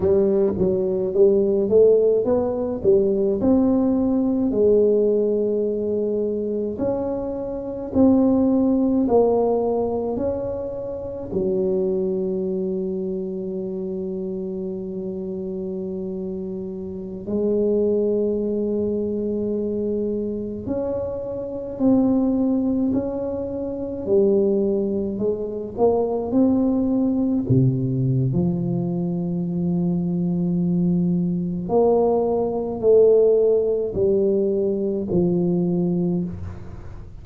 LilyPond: \new Staff \with { instrumentName = "tuba" } { \time 4/4 \tempo 4 = 53 g8 fis8 g8 a8 b8 g8 c'4 | gis2 cis'4 c'4 | ais4 cis'4 fis2~ | fis2.~ fis16 gis8.~ |
gis2~ gis16 cis'4 c'8.~ | c'16 cis'4 g4 gis8 ais8 c'8.~ | c'16 c8. f2. | ais4 a4 g4 f4 | }